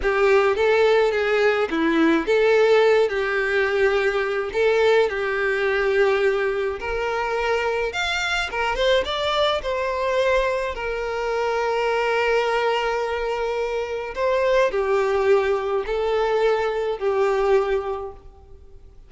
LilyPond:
\new Staff \with { instrumentName = "violin" } { \time 4/4 \tempo 4 = 106 g'4 a'4 gis'4 e'4 | a'4. g'2~ g'8 | a'4 g'2. | ais'2 f''4 ais'8 c''8 |
d''4 c''2 ais'4~ | ais'1~ | ais'4 c''4 g'2 | a'2 g'2 | }